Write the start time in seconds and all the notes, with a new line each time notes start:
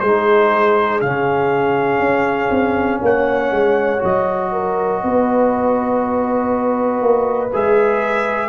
0.00 G#3 D#4 G#4 C5
1.01 C#3 C#4 F5
2.00 C#4
2.51 C4
3.02 A#3 C#5 F#5
3.52 G#3
3.99 F#3 F#4 D#5
4.53 A#4
5.04 B3 B4
7.02 A#3
7.54 G#3 G#4 E5